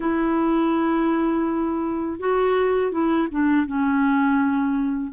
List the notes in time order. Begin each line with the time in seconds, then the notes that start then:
0.00 E4
2.19 F#4
2.91 E4
3.31 D4
3.66 C#4